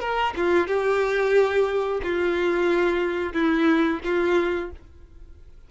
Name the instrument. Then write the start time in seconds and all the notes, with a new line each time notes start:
violin
0.00 A#4
0.36 F4
0.67 G4
2.03 F4
3.33 E4
4.04 F4